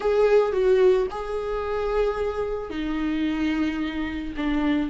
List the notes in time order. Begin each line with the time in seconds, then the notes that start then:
0.00 G#4
0.52 F#4
1.10 G#4
2.70 D#4
4.36 D4